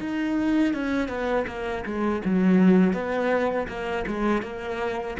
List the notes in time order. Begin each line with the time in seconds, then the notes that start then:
0.00 D#4
0.73 C#4
1.08 B3
1.47 A#3
1.85 G#3
2.25 F#3
2.93 B3
3.68 A#3
4.07 G#3
4.42 A#3